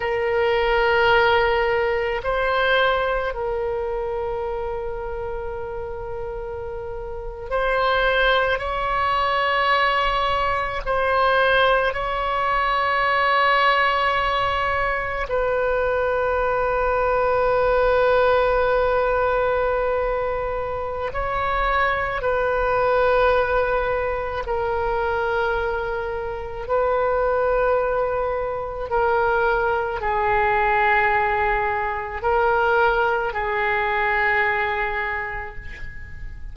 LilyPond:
\new Staff \with { instrumentName = "oboe" } { \time 4/4 \tempo 4 = 54 ais'2 c''4 ais'4~ | ais'2~ ais'8. c''4 cis''16~ | cis''4.~ cis''16 c''4 cis''4~ cis''16~ | cis''4.~ cis''16 b'2~ b'16~ |
b'2. cis''4 | b'2 ais'2 | b'2 ais'4 gis'4~ | gis'4 ais'4 gis'2 | }